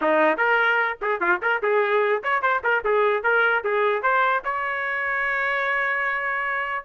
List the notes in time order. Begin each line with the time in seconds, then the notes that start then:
0.01 D#4
0.37 A#4
1.01 G#4
1.20 F4
1.41 A#4
1.62 G#4
2.23 C#5
2.42 C5
2.63 A#4
2.84 G#4
3.23 A#4
3.64 G#4
4.02 C5
4.44 C#5